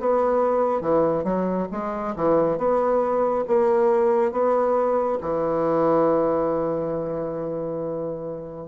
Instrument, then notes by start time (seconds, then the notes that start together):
bassoon
0.00 B3
0.81 E3
1.24 F#3
1.72 G#3
2.16 E3
2.58 B3
3.47 A#3
4.32 B3
5.21 E3